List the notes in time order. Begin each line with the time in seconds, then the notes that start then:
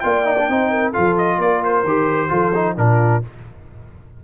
0.00 A#3 F4 D5 G5
0.25 D#4
0.39 D4
0.49 C4 D#4 C5
0.71 A#4
0.91 F4 A4 F5
0.97 F3
1.18 D#5
1.38 A#3 A#4 D5
1.64 C5
1.84 D#3 G4
2.29 F3 F4 A4
2.54 D#4
2.76 A#2 D4 F4 A#4